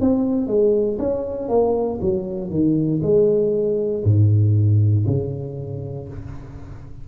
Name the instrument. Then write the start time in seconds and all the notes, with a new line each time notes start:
tuba
0.00 C4
0.47 G#3
0.98 C#4
1.48 A#3
2.01 F#3
2.50 D#3
3.02 G#3
4.04 G#2
5.06 C#3